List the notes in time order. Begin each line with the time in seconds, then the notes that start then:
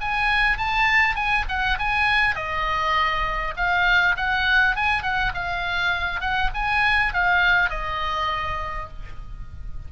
0.00 G#5
0.57 A5
1.15 G#5
1.48 F#5
1.78 G#5
2.35 D#5
3.56 F5
4.16 F#5
4.76 G#5
5.02 F#5
5.34 F5
6.20 F#5
6.54 G#5
7.13 F5
7.70 D#5